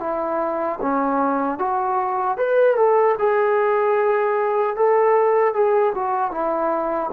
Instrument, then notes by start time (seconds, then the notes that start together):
trombone
0.00 E4
0.82 C#4
1.59 F#4
2.38 B4
2.76 A4
3.19 G#4
4.77 A4
5.54 G#4
5.95 F#4
6.31 E4